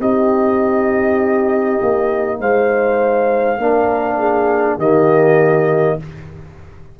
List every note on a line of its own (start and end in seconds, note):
0.00 1.80 C4
0.00 3.60 D#4
0.00 2.40 G4
0.00 2.41 D#5
1.82 2.40 A#3
2.40 3.58 G#3
2.40 3.60 C5
2.40 4.80 F5
3.58 4.78 A#3
3.58 4.79 D4
3.58 4.18 A#4
4.18 4.78 G#4
4.78 5.98 D#3
4.78 6.00 A#3
4.78 5.98 G4
4.78 6.00 D#5